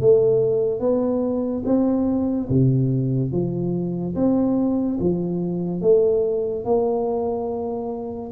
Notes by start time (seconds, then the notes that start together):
0.00 A3
0.80 B3
1.65 C4
2.49 C3
3.32 F3
4.16 C4
5.00 F3
5.81 A3
6.64 A#3